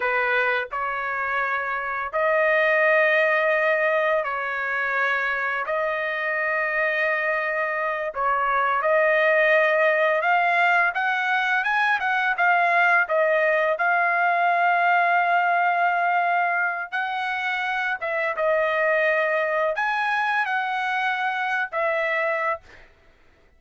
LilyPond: \new Staff \with { instrumentName = "trumpet" } { \time 4/4 \tempo 4 = 85 b'4 cis''2 dis''4~ | dis''2 cis''2 | dis''2.~ dis''8 cis''8~ | cis''8 dis''2 f''4 fis''8~ |
fis''8 gis''8 fis''8 f''4 dis''4 f''8~ | f''1 | fis''4. e''8 dis''2 | gis''4 fis''4.~ fis''16 e''4~ e''16 | }